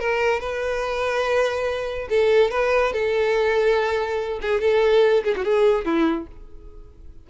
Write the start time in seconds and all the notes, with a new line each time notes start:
0.00 A#4
0.40 B4
2.10 A4
2.51 B4
2.93 A4
4.42 G#4
4.61 A4
5.24 G#4
5.36 F#4
5.45 G#4
5.85 E4